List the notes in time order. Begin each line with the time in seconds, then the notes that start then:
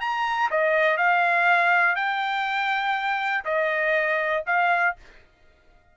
0.00 A#5
0.50 D#5
0.97 F5
1.95 G5
3.44 D#5
4.46 F5